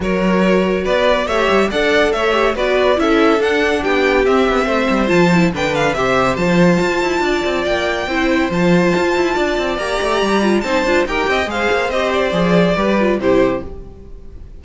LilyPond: <<
  \new Staff \with { instrumentName = "violin" } { \time 4/4 \tempo 4 = 141 cis''2 d''4 e''4 | fis''4 e''4 d''4 e''4 | fis''4 g''4 e''2 | a''4 g''8 f''8 e''4 a''4~ |
a''2 g''2 | a''2. ais''4~ | ais''4 a''4 g''4 f''4 | dis''8 d''2~ d''8 c''4 | }
  \new Staff \with { instrumentName = "violin" } { \time 4/4 ais'2 b'4 cis''4 | d''4 cis''4 b'4 a'4~ | a'4 g'2 c''4~ | c''4 b'4 c''2~ |
c''4 d''2 c''4~ | c''2 d''2~ | d''4 c''4 ais'8 dis''8 c''4~ | c''2 b'4 g'4 | }
  \new Staff \with { instrumentName = "viola" } { \time 4/4 fis'2. g'4 | a'4. g'8 fis'4 e'4 | d'2 c'2 | f'8 e'8 d'4 g'4 f'4~ |
f'2. e'4 | f'2. g'4~ | g'8 f'8 dis'8 f'8 g'4 gis'4 | g'4 gis'4 g'8 f'8 e'4 | }
  \new Staff \with { instrumentName = "cello" } { \time 4/4 fis2 b4 a8 g8 | d'4 a4 b4 cis'4 | d'4 b4 c'8 b8 a8 g8 | f4 d4 c4 f4 |
f'8 e'8 d'8 c'8 ais4 c'4 | f4 f'8 e'8 d'8 c'8 ais8 a8 | g4 c'8 d'8 dis'8 c'8 gis8 ais8 | c'4 f4 g4 c4 | }
>>